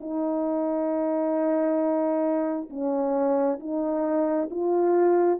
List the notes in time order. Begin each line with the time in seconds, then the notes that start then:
0.00 D#4
2.69 C#4
3.59 D#4
4.50 F4